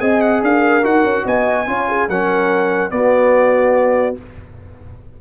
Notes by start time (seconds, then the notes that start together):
0.00 C4 G#4 D#5 G#5
0.21 F#5
0.43 D4 A#4 F5
0.83 D#4 F#4 F#5
1.04 C#4
1.25 B3 D#5 G#5
1.67 C#4 F4 C#5
1.89 G#4
2.08 F#3 C#4 A#4 F#5
2.90 B3 F#4 D5